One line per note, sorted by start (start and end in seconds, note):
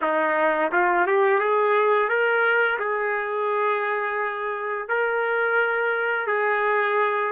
0.01 0.71 D#4
0.72 1.07 F4
1.07 1.39 G4
1.39 2.08 G#4
2.08 2.78 A#4
2.79 4.88 G#4
4.88 6.26 A#4
6.26 7.31 G#4